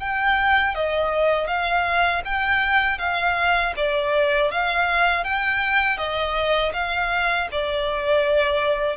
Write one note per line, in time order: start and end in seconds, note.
0.00 0.75 G5
0.75 1.47 D#5
1.47 2.22 F5
2.24 2.98 G5
2.98 3.73 F5
3.76 4.51 D5
4.51 5.24 F5
5.24 5.97 G5
5.97 6.72 D#5
6.73 7.48 F5
7.51 8.96 D5